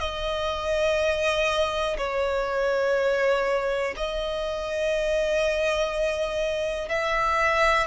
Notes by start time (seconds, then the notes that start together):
0.00 D#5
1.98 C#5
3.96 D#5
6.89 E5